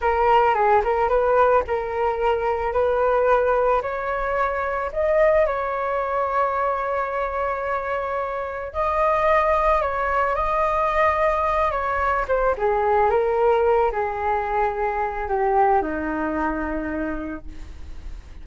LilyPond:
\new Staff \with { instrumentName = "flute" } { \time 4/4 \tempo 4 = 110 ais'4 gis'8 ais'8 b'4 ais'4~ | ais'4 b'2 cis''4~ | cis''4 dis''4 cis''2~ | cis''1 |
dis''2 cis''4 dis''4~ | dis''4. cis''4 c''8 gis'4 | ais'4. gis'2~ gis'8 | g'4 dis'2. | }